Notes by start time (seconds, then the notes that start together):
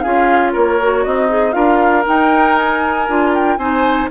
0.00 C#4 F4 G#4 F5
0.52 A#3 A#4 C#5
0.80 F#4
1.04 C4 D#4 D#5
1.29 G#4
1.52 D4 F4 A#4 F5
2.05 D#4 G5
2.57 G#5
3.08 D4 F4
3.34 G5
3.57 C4 D#4 C5 G#5